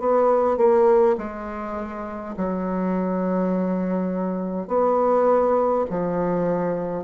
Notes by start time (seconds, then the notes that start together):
0.00 B3
0.57 A#3
1.18 G#3
2.37 F#3
4.68 B3
5.90 F3